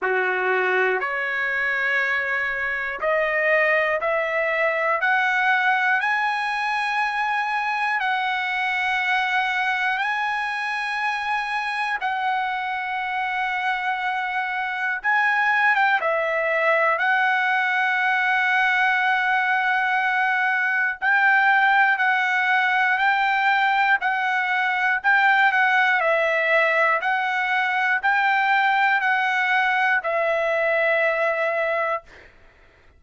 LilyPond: \new Staff \with { instrumentName = "trumpet" } { \time 4/4 \tempo 4 = 60 fis'4 cis''2 dis''4 | e''4 fis''4 gis''2 | fis''2 gis''2 | fis''2. gis''8. g''16 |
e''4 fis''2.~ | fis''4 g''4 fis''4 g''4 | fis''4 g''8 fis''8 e''4 fis''4 | g''4 fis''4 e''2 | }